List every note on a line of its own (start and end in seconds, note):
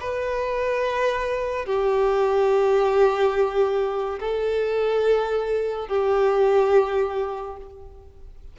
0.00 1.66 B4
1.66 4.19 G4
4.20 5.88 A4
5.88 7.57 G4